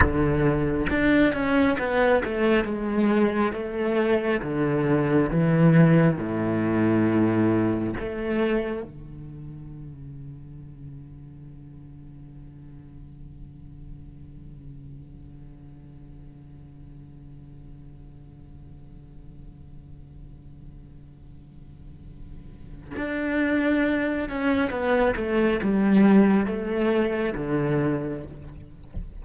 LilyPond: \new Staff \with { instrumentName = "cello" } { \time 4/4 \tempo 4 = 68 d4 d'8 cis'8 b8 a8 gis4 | a4 d4 e4 a,4~ | a,4 a4 d2~ | d1~ |
d1~ | d1~ | d2 d'4. cis'8 | b8 a8 g4 a4 d4 | }